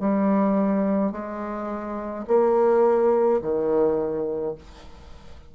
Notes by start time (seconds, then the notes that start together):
0.00 G3
1.12 G#3
2.28 A#3
3.42 D#3